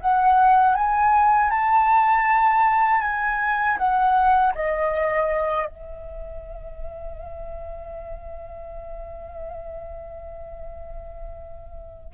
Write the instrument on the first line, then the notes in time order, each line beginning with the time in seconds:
flute
0.00 F#5
0.75 G#5
1.50 A5
3.01 G#5
3.77 F#5
4.55 D#5
5.66 E5